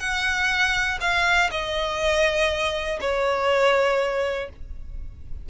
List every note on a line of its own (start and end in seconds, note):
0.00 0.99 F#5
1.01 1.51 F5
1.51 3.00 D#5
3.01 4.50 C#5